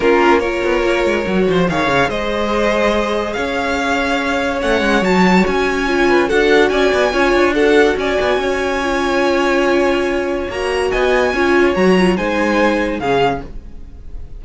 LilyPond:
<<
  \new Staff \with { instrumentName = "violin" } { \time 4/4 \tempo 4 = 143 ais'4 cis''2. | f''4 dis''2. | f''2. fis''4 | a''4 gis''2 fis''4 |
gis''2 fis''4 gis''4~ | gis''1~ | gis''4 ais''4 gis''2 | ais''4 gis''2 f''4 | }
  \new Staff \with { instrumentName = "violin" } { \time 4/4 f'4 ais'2~ ais'8 c''8 | cis''4 c''2. | cis''1~ | cis''2~ cis''8 b'8 a'4 |
d''4 cis''4 a'4 d''4 | cis''1~ | cis''2 dis''4 cis''4~ | cis''4 c''2 gis'4 | }
  \new Staff \with { instrumentName = "viola" } { \time 4/4 cis'4 f'2 fis'4 | gis'1~ | gis'2. cis'4 | fis'2 f'4 fis'4~ |
fis'4 f'4 fis'2~ | fis'4 f'2.~ | f'4 fis'2 f'4 | fis'8 f'8 dis'2 cis'4 | }
  \new Staff \with { instrumentName = "cello" } { \time 4/4 ais4. b8 ais8 gis8 fis8 f8 | dis8 cis8 gis2. | cis'2. a8 gis8 | fis4 cis'2 d'4 |
cis'8 b8 cis'8 d'4. cis'8 b8 | cis'1~ | cis'4 ais4 b4 cis'4 | fis4 gis2 cis4 | }
>>